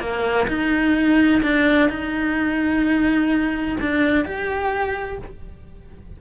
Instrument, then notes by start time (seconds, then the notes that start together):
cello
0.00 A#3
0.48 D#4
1.43 D4
1.90 D#4
3.81 D4
4.25 G4